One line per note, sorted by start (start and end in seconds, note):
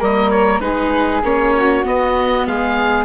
0.00 0.61 G3
0.00 0.61 A#3
0.00 0.61 A#4
0.00 0.31 D#5
0.31 0.60 C#5
0.60 1.22 G#3
0.60 1.22 D#4
0.60 1.54 G#4
0.60 1.21 B4
1.23 1.84 A#3
1.23 1.84 C#4
1.23 1.86 C#5
1.56 2.48 F#4
1.84 3.05 B3
1.84 2.46 B3
1.84 2.47 D#5
2.46 3.05 G#3
2.46 3.05 G#4
2.46 3.05 F5